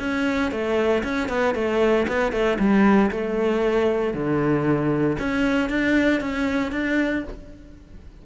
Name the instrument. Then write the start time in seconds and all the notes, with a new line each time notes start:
cello
0.00 C#4
0.52 A3
1.04 C#4
1.29 B3
1.55 A3
2.08 B3
2.33 A3
2.59 G3
3.12 A3
4.14 D3
5.20 C#4
5.70 D4
6.21 C#4
6.72 D4